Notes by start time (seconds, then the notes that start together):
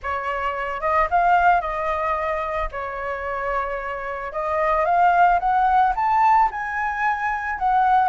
0.03 C#5
0.81 D#5
1.10 F5
1.61 D#5
2.71 C#5
4.32 D#5
4.85 F5
5.39 F#5
5.95 A5
6.51 G#5
7.58 F#5